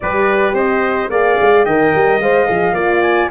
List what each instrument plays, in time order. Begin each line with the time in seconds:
0.00 tuba G3, horn G4, trumpet B4, flute D5
0.53 tuba C4, trumpet C5, flute D#5
1.10 tuba A#3, horn G#4, trumpet D5, flute F5
1.41 tuba G#3
1.64 tuba D#3, horn A#4, trumpet D#5, flute G5
1.94 tuba G3
2.19 tuba G#3, horn C5, flute F5
2.46 tuba F3, horn G#4
2.73 tuba A#3, horn F4, trumpet D5
3.01 flute G#5